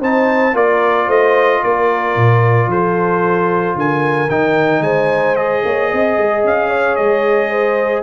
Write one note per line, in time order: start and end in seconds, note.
0.00 0.53 C4
0.00 0.54 D#4
0.00 0.54 C5
0.00 0.56 A5
0.53 1.07 A#3
0.53 4.29 F4
0.53 1.06 A#4
0.53 1.10 D5
1.06 1.61 A3
1.06 1.60 C5
1.06 1.63 D#5
1.63 2.16 A#3
1.63 2.70 A#4
1.63 2.70 D5
2.16 2.67 A#2
2.67 3.74 F3
2.67 3.77 A4
2.67 3.78 C5
3.75 4.29 D3
3.75 4.84 A#4
3.75 4.30 G#5
4.29 4.80 D#3
4.29 5.36 D#4
4.29 4.83 G5
4.80 5.60 G#3
4.80 5.64 C5
4.80 5.36 G#5
5.36 8.02 G#4
5.36 6.43 D#5
5.65 5.91 A#3
5.65 5.90 C#5
5.90 6.17 C4
5.90 6.69 D#5
6.17 6.44 G#3
6.44 6.98 C#4
6.44 6.96 F5
6.69 7.50 C#5
6.96 8.02 G#3
6.96 8.02 D#5
7.50 8.02 C5